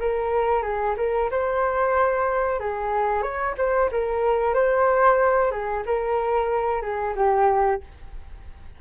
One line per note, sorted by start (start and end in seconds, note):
0.00 0.63 A#4
0.63 0.95 G#4
0.98 1.30 A#4
1.31 2.60 C5
2.60 3.23 G#4
3.23 3.55 C#5
3.58 3.90 C5
3.92 4.54 A#4
4.54 5.52 C5
5.52 5.84 G#4
5.86 6.82 A#4
6.82 7.15 G#4
7.16 7.81 G4